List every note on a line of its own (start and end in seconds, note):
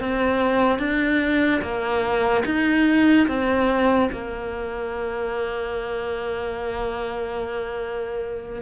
0.00 0.79 C4
0.79 1.61 D4
1.61 2.44 A#3
2.45 3.27 D#4
3.27 4.09 C4
4.12 8.62 A#3